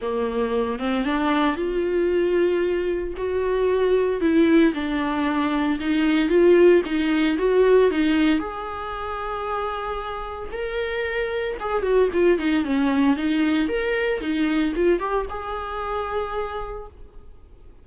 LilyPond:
\new Staff \with { instrumentName = "viola" } { \time 4/4 \tempo 4 = 114 ais4. c'8 d'4 f'4~ | f'2 fis'2 | e'4 d'2 dis'4 | f'4 dis'4 fis'4 dis'4 |
gis'1 | ais'2 gis'8 fis'8 f'8 dis'8 | cis'4 dis'4 ais'4 dis'4 | f'8 g'8 gis'2. | }